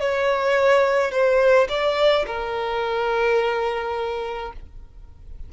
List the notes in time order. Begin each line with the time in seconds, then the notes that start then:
0.00 C#5
1.12 C5
1.69 D5
2.27 A#4